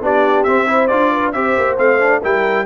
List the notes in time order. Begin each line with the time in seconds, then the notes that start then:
0.00 B3 D4 G4 D5
0.43 C4 E5
0.66 E4 C5
0.87 D4 F4 D5
1.11 B4
1.32 C4 G4 C5 E5
1.57 A#3
1.77 A3 C4 F5
1.99 D4
2.21 G3 E4 A#4 G5